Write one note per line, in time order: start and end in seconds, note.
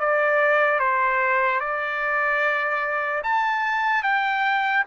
0.00 0.80 D5
0.80 1.60 C5
1.60 3.22 D5
3.24 4.03 A5
4.03 4.84 G5